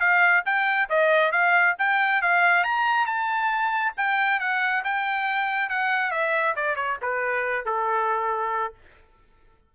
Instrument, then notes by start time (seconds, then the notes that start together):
trumpet
0.00 F5
0.45 G5
0.89 D#5
1.32 F5
1.78 G5
2.22 F5
2.64 A#5
3.06 A5
3.97 G5
4.40 F#5
4.84 G5
5.69 F#5
6.11 E5
6.56 D5
6.76 C#5
7.02 B4
7.65 A4